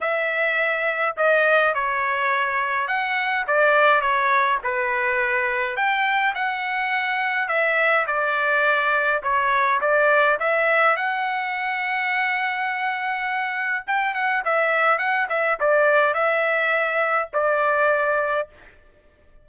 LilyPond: \new Staff \with { instrumentName = "trumpet" } { \time 4/4 \tempo 4 = 104 e''2 dis''4 cis''4~ | cis''4 fis''4 d''4 cis''4 | b'2 g''4 fis''4~ | fis''4 e''4 d''2 |
cis''4 d''4 e''4 fis''4~ | fis''1 | g''8 fis''8 e''4 fis''8 e''8 d''4 | e''2 d''2 | }